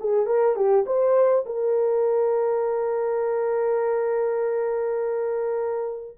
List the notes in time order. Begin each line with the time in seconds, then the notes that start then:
0.00 G#4
0.26 A#4
0.56 G4
0.87 C5
1.46 A#4